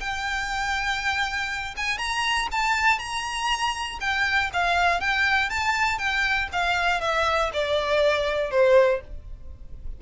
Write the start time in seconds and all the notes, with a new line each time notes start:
0.00 G5
1.77 G#5
1.98 A#5
2.52 A5
2.99 A#5
4.00 G5
4.53 F5
5.00 G5
5.50 A5
5.98 G5
6.52 F5
7.01 E5
7.53 D5
8.51 C5